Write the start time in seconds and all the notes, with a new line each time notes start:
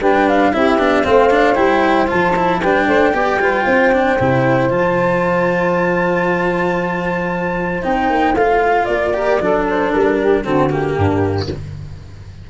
0.00 G3 D4 B4 G5
0.28 F5
0.53 C4 E4 G4 E5
0.78 B3 D4
1.04 A3 C4 C5 F5
1.30 D4
1.55 G3 E4 G5
2.07 F3 F4 A5
2.36 E4
2.60 G3 D4 B4 G5
2.87 A3 C5
3.13 B3 G4 D5
3.38 G3 F4 B4
3.64 C4 C5
3.92 D4
4.19 C3 E4
4.69 F3 F4 A5
7.82 C4 D#4 G5
8.10 A#3
8.33 A3 F4 F5
8.85 A#3 D5
9.13 G4 A#4
9.40 F#3 D4 A4
9.70 C5
9.91 G3 A#4
10.19 G4
10.43 D3 C4 F#4 A4
10.69 A#3 G4
10.95 G2 D4